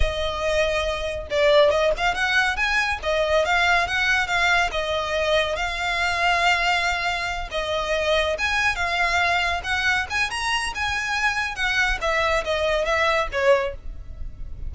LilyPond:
\new Staff \with { instrumentName = "violin" } { \time 4/4 \tempo 4 = 140 dis''2. d''4 | dis''8 f''8 fis''4 gis''4 dis''4 | f''4 fis''4 f''4 dis''4~ | dis''4 f''2.~ |
f''4. dis''2 gis''8~ | gis''8 f''2 fis''4 gis''8 | ais''4 gis''2 fis''4 | e''4 dis''4 e''4 cis''4 | }